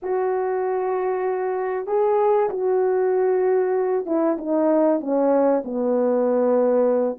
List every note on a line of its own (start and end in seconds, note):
0.02 1.86 F#4
1.86 2.49 G#4
2.49 4.05 F#4
4.06 4.37 E4
4.38 5.00 D#4
5.00 5.62 C#4
5.64 7.18 B3